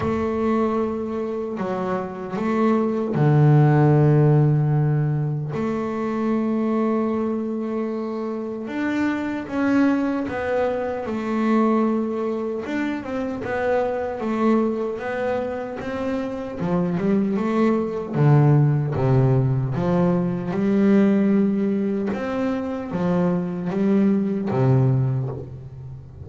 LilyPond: \new Staff \with { instrumentName = "double bass" } { \time 4/4 \tempo 4 = 76 a2 fis4 a4 | d2. a4~ | a2. d'4 | cis'4 b4 a2 |
d'8 c'8 b4 a4 b4 | c'4 f8 g8 a4 d4 | c4 f4 g2 | c'4 f4 g4 c4 | }